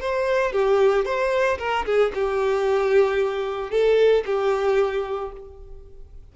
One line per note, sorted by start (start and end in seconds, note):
0.00 0.52 C5
0.52 1.05 G4
1.05 1.58 C5
1.58 1.85 A#4
1.85 2.12 G#4
2.14 3.70 G4
3.70 4.24 A4
4.25 5.31 G4